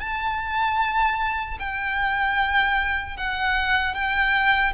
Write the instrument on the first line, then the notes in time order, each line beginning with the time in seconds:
violin
0.00 A5
1.59 G5
3.17 F#5
3.94 G5